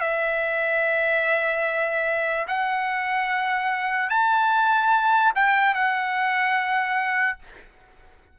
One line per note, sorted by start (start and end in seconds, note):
0.00 2.47 E5
2.47 4.09 F#5
4.09 5.33 A5
5.35 5.74 G5
5.74 7.38 F#5